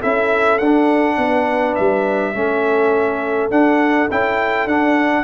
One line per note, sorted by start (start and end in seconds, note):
0.00 0.60 C#4
0.00 0.61 E4
0.00 1.17 A4
0.00 0.58 E5
0.58 1.18 D4
0.58 1.75 F#5
0.64 2.34 D4
1.18 1.76 B3
1.18 2.35 B4
1.75 2.34 G3
1.75 3.50 E5
2.34 3.51 A3
2.34 3.51 C#4
2.34 5.24 A4
3.51 4.09 D4
3.51 4.10 F#5
4.11 4.66 C#4
4.11 4.69 E4
4.11 4.68 G5
4.66 5.24 D4
4.66 5.24 F#5